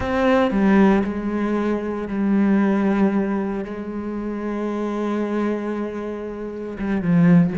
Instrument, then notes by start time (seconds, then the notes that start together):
cello
0.00 C4
0.51 G3
1.03 G#3
2.08 G3
3.64 G#3
6.78 G3
7.02 F3